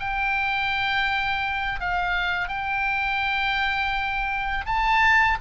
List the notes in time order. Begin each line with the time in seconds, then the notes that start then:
0.00 G5
1.80 F5
2.48 G5
4.66 A5